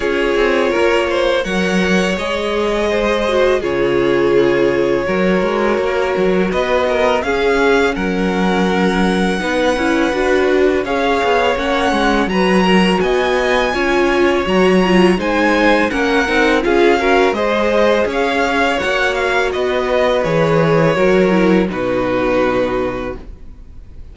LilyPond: <<
  \new Staff \with { instrumentName = "violin" } { \time 4/4 \tempo 4 = 83 cis''2 fis''4 dis''4~ | dis''4 cis''2.~ | cis''4 dis''4 f''4 fis''4~ | fis''2. f''4 |
fis''4 ais''4 gis''2 | ais''4 gis''4 fis''4 f''4 | dis''4 f''4 fis''8 f''8 dis''4 | cis''2 b'2 | }
  \new Staff \with { instrumentName = "violin" } { \time 4/4 gis'4 ais'8 c''8 cis''2 | c''4 gis'2 ais'4~ | ais'4 b'8 ais'8 gis'4 ais'4~ | ais'4 b'2 cis''4~ |
cis''4 b'8 ais'8 dis''4 cis''4~ | cis''4 c''4 ais'4 gis'8 ais'8 | c''4 cis''2 b'4~ | b'4 ais'4 fis'2 | }
  \new Staff \with { instrumentName = "viola" } { \time 4/4 f'2 ais'4 gis'4~ | gis'8 fis'8 f'2 fis'4~ | fis'2 cis'2~ | cis'4 dis'8 e'8 fis'4 gis'4 |
cis'4 fis'2 f'4 | fis'8 f'8 dis'4 cis'8 dis'8 f'8 fis'8 | gis'2 fis'2 | gis'4 fis'8 e'8 dis'2 | }
  \new Staff \with { instrumentName = "cello" } { \time 4/4 cis'8 c'8 ais4 fis4 gis4~ | gis4 cis2 fis8 gis8 | ais8 fis8 b4 cis'4 fis4~ | fis4 b8 cis'8 d'4 cis'8 b8 |
ais8 gis8 fis4 b4 cis'4 | fis4 gis4 ais8 c'8 cis'4 | gis4 cis'4 ais4 b4 | e4 fis4 b,2 | }
>>